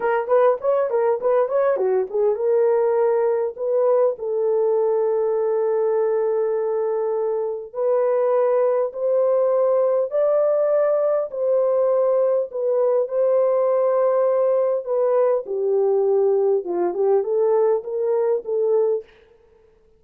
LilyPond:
\new Staff \with { instrumentName = "horn" } { \time 4/4 \tempo 4 = 101 ais'8 b'8 cis''8 ais'8 b'8 cis''8 fis'8 gis'8 | ais'2 b'4 a'4~ | a'1~ | a'4 b'2 c''4~ |
c''4 d''2 c''4~ | c''4 b'4 c''2~ | c''4 b'4 g'2 | f'8 g'8 a'4 ais'4 a'4 | }